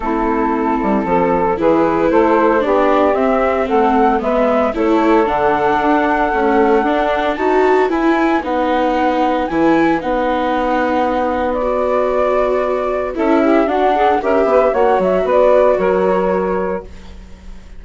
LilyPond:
<<
  \new Staff \with { instrumentName = "flute" } { \time 4/4 \tempo 4 = 114 a'2. b'4 | c''4 d''4 e''4 fis''4 | e''4 cis''4 fis''2~ | fis''2 a''4 gis''4 |
fis''2 gis''4 fis''4~ | fis''2 d''2~ | d''4 e''4 fis''4 e''4 | fis''8 e''8 d''4 cis''2 | }
  \new Staff \with { instrumentName = "saxophone" } { \time 4/4 e'2 a'4 gis'4 | a'4 g'2 a'4 | b'4 a'2.~ | a'2 b'2~ |
b'1~ | b'1~ | b'4 a'8 g'8 fis'8 gis'8 ais'8 b'8 | cis''4 b'4 ais'2 | }
  \new Staff \with { instrumentName = "viola" } { \time 4/4 c'2. e'4~ | e'4 d'4 c'2 | b4 e'4 d'2 | a4 d'4 fis'4 e'4 |
dis'2 e'4 dis'4~ | dis'2 fis'2~ | fis'4 e'4 d'4 g'4 | fis'1 | }
  \new Staff \with { instrumentName = "bassoon" } { \time 4/4 a4. g8 f4 e4 | a4 b4 c'4 a4 | gis4 a4 d4 d'4 | cis'4 d'4 dis'4 e'4 |
b2 e4 b4~ | b1~ | b4 cis'4 d'4 cis'8 b8 | ais8 fis8 b4 fis2 | }
>>